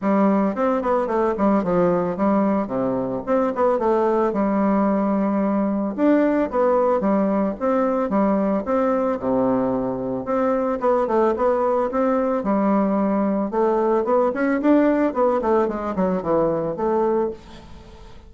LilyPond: \new Staff \with { instrumentName = "bassoon" } { \time 4/4 \tempo 4 = 111 g4 c'8 b8 a8 g8 f4 | g4 c4 c'8 b8 a4 | g2. d'4 | b4 g4 c'4 g4 |
c'4 c2 c'4 | b8 a8 b4 c'4 g4~ | g4 a4 b8 cis'8 d'4 | b8 a8 gis8 fis8 e4 a4 | }